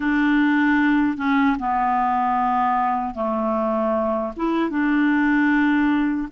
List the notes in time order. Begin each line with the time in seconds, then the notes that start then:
0.00 D4
1.17 C#4
1.59 B3
3.14 A3
4.36 E4
4.70 D4